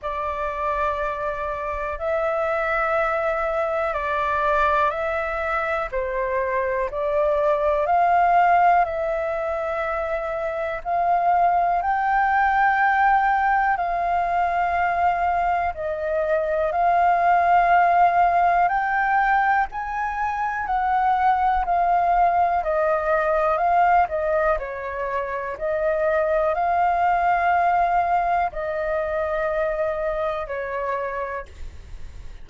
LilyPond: \new Staff \with { instrumentName = "flute" } { \time 4/4 \tempo 4 = 61 d''2 e''2 | d''4 e''4 c''4 d''4 | f''4 e''2 f''4 | g''2 f''2 |
dis''4 f''2 g''4 | gis''4 fis''4 f''4 dis''4 | f''8 dis''8 cis''4 dis''4 f''4~ | f''4 dis''2 cis''4 | }